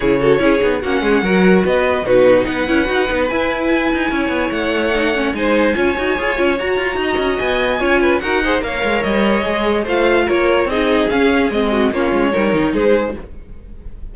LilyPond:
<<
  \new Staff \with { instrumentName = "violin" } { \time 4/4 \tempo 4 = 146 cis''2 fis''2 | dis''4 b'4 fis''2 | gis''2. fis''4~ | fis''4 gis''2. |
ais''2 gis''2 | fis''4 f''4 dis''2 | f''4 cis''4 dis''4 f''4 | dis''4 cis''2 c''4 | }
  \new Staff \with { instrumentName = "violin" } { \time 4/4 gis'8 a'8 gis'4 fis'8 gis'8 ais'4 | b'4 fis'4 b'2~ | b'2 cis''2~ | cis''4 c''4 cis''2~ |
cis''4 dis''2 cis''8 b'8 | ais'8 c''8 cis''2. | c''4 ais'4 gis'2~ | gis'8 fis'8 f'4 ais'4 gis'4 | }
  \new Staff \with { instrumentName = "viola" } { \time 4/4 e'8 fis'8 e'8 dis'8 cis'4 fis'4~ | fis'4 dis'4. e'8 fis'8 dis'8 | e'1 | dis'8 cis'8 dis'4 f'8 fis'8 gis'8 f'8 |
fis'2. f'4 | fis'8 gis'8 ais'2 gis'4 | f'2 dis'4 cis'4 | c'4 cis'4 dis'2 | }
  \new Staff \with { instrumentName = "cello" } { \time 4/4 cis4 cis'8 b8 ais8 gis8 fis4 | b4 b,4 b8 cis'8 dis'8 b8 | e'4. dis'8 cis'8 b8 a4~ | a4 gis4 cis'8 dis'8 f'8 cis'8 |
fis'8 f'8 dis'8 cis'8 b4 cis'4 | dis'4 ais8 gis8 g4 gis4 | a4 ais4 c'4 cis'4 | gis4 ais8 gis8 g8 dis8 gis4 | }
>>